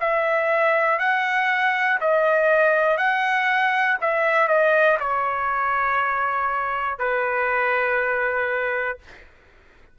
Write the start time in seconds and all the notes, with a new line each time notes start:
0.00 E5
0.99 F#5
2.00 D#5
2.97 F#5
4.00 E5
4.47 D#5
5.00 C#5
6.99 B4